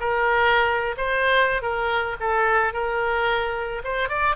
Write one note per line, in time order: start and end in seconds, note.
0.00 0.95 A#4
0.97 1.62 C5
1.62 2.16 A#4
2.20 2.73 A4
2.73 3.82 A#4
3.84 4.09 C5
4.09 4.36 D5